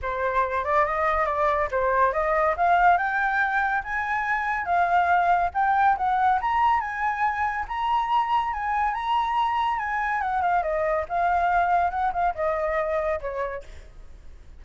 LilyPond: \new Staff \with { instrumentName = "flute" } { \time 4/4 \tempo 4 = 141 c''4. d''8 dis''4 d''4 | c''4 dis''4 f''4 g''4~ | g''4 gis''2 f''4~ | f''4 g''4 fis''4 ais''4 |
gis''2 ais''2 | gis''4 ais''2 gis''4 | fis''8 f''8 dis''4 f''2 | fis''8 f''8 dis''2 cis''4 | }